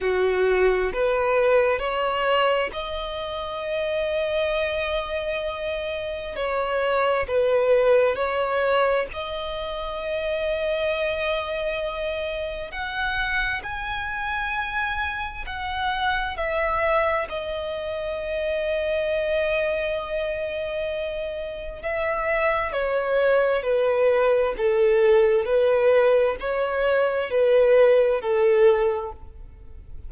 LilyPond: \new Staff \with { instrumentName = "violin" } { \time 4/4 \tempo 4 = 66 fis'4 b'4 cis''4 dis''4~ | dis''2. cis''4 | b'4 cis''4 dis''2~ | dis''2 fis''4 gis''4~ |
gis''4 fis''4 e''4 dis''4~ | dis''1 | e''4 cis''4 b'4 a'4 | b'4 cis''4 b'4 a'4 | }